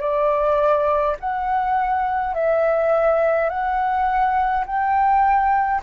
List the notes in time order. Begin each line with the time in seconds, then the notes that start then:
0.00 D5
1.20 F#5
2.34 E5
3.49 F#5
4.66 G5